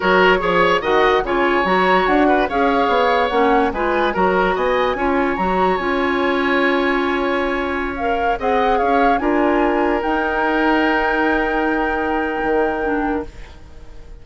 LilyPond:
<<
  \new Staff \with { instrumentName = "flute" } { \time 4/4 \tempo 4 = 145 cis''2 fis''4 gis''4 | ais''4 fis''4 f''2 | fis''4 gis''4 ais''4 gis''4~ | gis''4 ais''4 gis''2~ |
gis''2.~ gis''16 f''8.~ | f''16 fis''4 f''4 gis''4.~ gis''16~ | gis''16 g''2.~ g''8.~ | g''1 | }
  \new Staff \with { instrumentName = "oboe" } { \time 4/4 ais'4 cis''4 dis''4 cis''4~ | cis''4. b'8 cis''2~ | cis''4 b'4 ais'4 dis''4 | cis''1~ |
cis''1~ | cis''16 dis''4 cis''4 ais'4.~ ais'16~ | ais'1~ | ais'1 | }
  \new Staff \with { instrumentName = "clarinet" } { \time 4/4 fis'4 gis'4 fis'4 f'4 | fis'2 gis'2 | cis'4 f'4 fis'2 | f'4 fis'4 f'2~ |
f'2.~ f'16 ais'8.~ | ais'16 gis'2 f'4.~ f'16~ | f'16 dis'2.~ dis'8.~ | dis'2. d'4 | }
  \new Staff \with { instrumentName = "bassoon" } { \time 4/4 fis4 f4 dis4 cis4 | fis4 d'4 cis'4 b4 | ais4 gis4 fis4 b4 | cis'4 fis4 cis'2~ |
cis'1~ | cis'16 c'4 cis'4 d'4.~ d'16~ | d'16 dis'2.~ dis'8.~ | dis'2 dis2 | }
>>